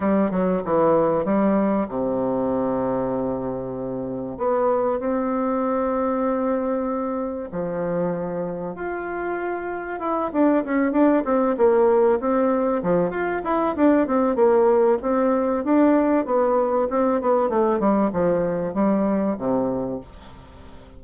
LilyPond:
\new Staff \with { instrumentName = "bassoon" } { \time 4/4 \tempo 4 = 96 g8 fis8 e4 g4 c4~ | c2. b4 | c'1 | f2 f'2 |
e'8 d'8 cis'8 d'8 c'8 ais4 c'8~ | c'8 f8 f'8 e'8 d'8 c'8 ais4 | c'4 d'4 b4 c'8 b8 | a8 g8 f4 g4 c4 | }